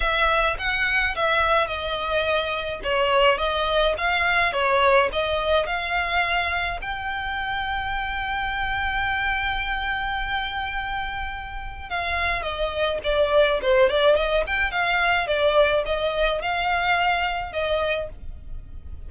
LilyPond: \new Staff \with { instrumentName = "violin" } { \time 4/4 \tempo 4 = 106 e''4 fis''4 e''4 dis''4~ | dis''4 cis''4 dis''4 f''4 | cis''4 dis''4 f''2 | g''1~ |
g''1~ | g''4 f''4 dis''4 d''4 | c''8 d''8 dis''8 g''8 f''4 d''4 | dis''4 f''2 dis''4 | }